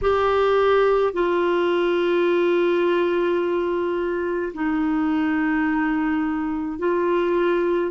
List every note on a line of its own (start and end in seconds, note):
0.01 1.13 G4
1.13 4.53 F4
4.53 6.78 D#4
6.78 7.91 F4